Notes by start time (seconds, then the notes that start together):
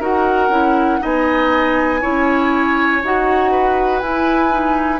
0.00 D#4 F#4 A#4 F#5
0.49 C#4 E4
1.00 B3 D#4 D#5 G#5
2.01 C#4 E4 C#5
3.03 D#4 F#4 F#5
3.51 B4
4.00 E4 G#5
4.51 D#4